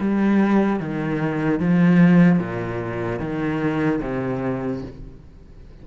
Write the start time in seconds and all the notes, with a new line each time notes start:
0.00 G3
0.80 D#3
1.60 F3
2.39 A#2
3.20 D#3
4.01 C3